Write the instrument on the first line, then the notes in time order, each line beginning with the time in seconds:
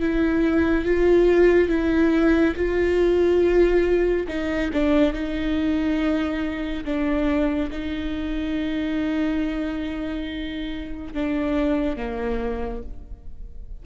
viola
0.00 E4
0.85 F4
1.69 E4
2.56 F4
4.28 D#4
4.73 D4
5.13 D#4
6.85 D4
7.71 D#4
11.14 D4
11.97 A#3